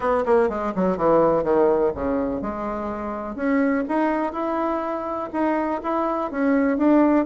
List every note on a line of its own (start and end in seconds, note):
0.00 0.24 B3
0.25 0.49 A#3
0.49 0.73 G#3
0.75 0.97 F#3
0.97 1.43 E3
1.43 1.92 D#3
1.94 2.41 C#3
2.41 3.35 G#3
3.35 3.84 C#4
3.88 4.32 D#4
4.32 5.29 E4
5.32 5.81 D#4
5.83 6.31 E4
6.31 6.77 C#4
6.77 7.25 D4